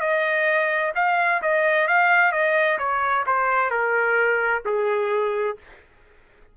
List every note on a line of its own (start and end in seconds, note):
0.00 0.92 D#5
0.95 1.41 F5
1.42 1.88 D#5
1.88 2.32 F5
2.32 2.78 D#5
2.79 3.25 C#5
3.26 3.70 C5
3.70 4.63 A#4
4.65 5.58 G#4